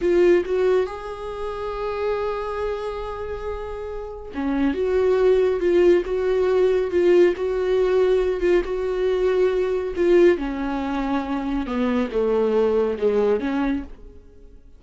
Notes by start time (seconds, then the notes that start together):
0.01 F4
0.45 F#4
0.86 G#4
4.34 C#4
4.74 F#4
5.60 F4
6.05 F#4
6.90 F4
7.36 F#4
8.40 F4
8.64 F#4
9.95 F4
10.37 C#4
11.66 B3
12.11 A3
12.98 G#3
13.40 C#4